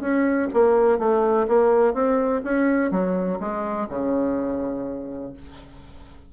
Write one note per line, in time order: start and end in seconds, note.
0.00 0.48 C#4
0.54 0.99 A#3
0.99 1.47 A3
1.48 1.94 A#3
1.94 2.42 C4
2.44 2.91 C#4
2.91 3.39 F#3
3.40 3.88 G#3
3.89 5.33 C#3